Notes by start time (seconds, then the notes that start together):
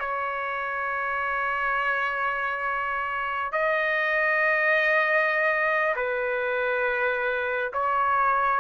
0.00 C#5
3.53 D#5
5.96 B4
7.73 C#5